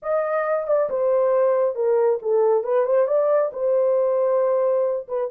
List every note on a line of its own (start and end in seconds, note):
0.02 0.67 D#5
0.67 0.89 D5
0.89 1.75 C5
1.75 2.19 A#4
2.22 2.63 A4
2.63 2.85 B4
2.85 3.07 C5
3.07 3.51 D5
3.53 5.07 C5
5.07 5.29 B4